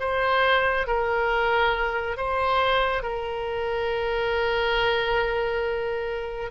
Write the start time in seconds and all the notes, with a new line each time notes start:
0.00 C5
0.87 A#4
2.17 C5
3.03 A#4